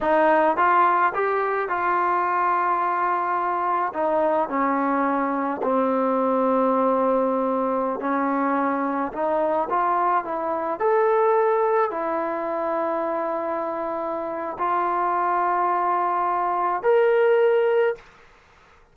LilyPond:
\new Staff \with { instrumentName = "trombone" } { \time 4/4 \tempo 4 = 107 dis'4 f'4 g'4 f'4~ | f'2. dis'4 | cis'2 c'2~ | c'2~ c'16 cis'4.~ cis'16~ |
cis'16 dis'4 f'4 e'4 a'8.~ | a'4~ a'16 e'2~ e'8.~ | e'2 f'2~ | f'2 ais'2 | }